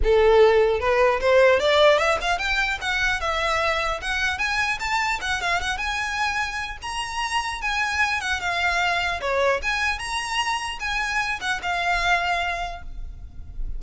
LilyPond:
\new Staff \with { instrumentName = "violin" } { \time 4/4 \tempo 4 = 150 a'2 b'4 c''4 | d''4 e''8 f''8 g''4 fis''4 | e''2 fis''4 gis''4 | a''4 fis''8 f''8 fis''8 gis''4.~ |
gis''4 ais''2 gis''4~ | gis''8 fis''8 f''2 cis''4 | gis''4 ais''2 gis''4~ | gis''8 fis''8 f''2. | }